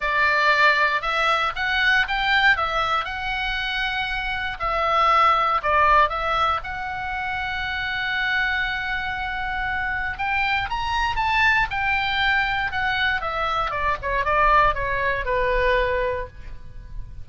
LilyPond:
\new Staff \with { instrumentName = "oboe" } { \time 4/4 \tempo 4 = 118 d''2 e''4 fis''4 | g''4 e''4 fis''2~ | fis''4 e''2 d''4 | e''4 fis''2.~ |
fis''1 | g''4 ais''4 a''4 g''4~ | g''4 fis''4 e''4 d''8 cis''8 | d''4 cis''4 b'2 | }